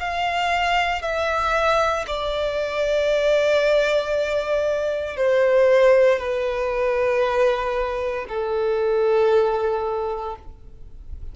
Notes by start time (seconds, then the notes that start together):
0.00 F5
1.02 E5
2.07 D5
5.17 C5
6.19 B4
8.29 A4